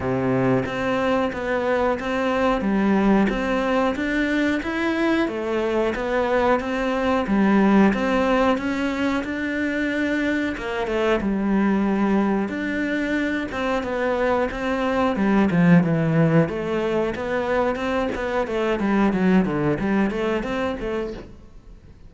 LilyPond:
\new Staff \with { instrumentName = "cello" } { \time 4/4 \tempo 4 = 91 c4 c'4 b4 c'4 | g4 c'4 d'4 e'4 | a4 b4 c'4 g4 | c'4 cis'4 d'2 |
ais8 a8 g2 d'4~ | d'8 c'8 b4 c'4 g8 f8 | e4 a4 b4 c'8 b8 | a8 g8 fis8 d8 g8 a8 c'8 a8 | }